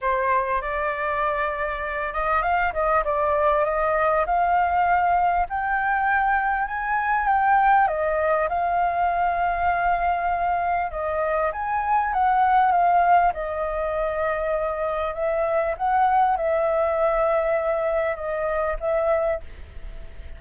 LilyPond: \new Staff \with { instrumentName = "flute" } { \time 4/4 \tempo 4 = 99 c''4 d''2~ d''8 dis''8 | f''8 dis''8 d''4 dis''4 f''4~ | f''4 g''2 gis''4 | g''4 dis''4 f''2~ |
f''2 dis''4 gis''4 | fis''4 f''4 dis''2~ | dis''4 e''4 fis''4 e''4~ | e''2 dis''4 e''4 | }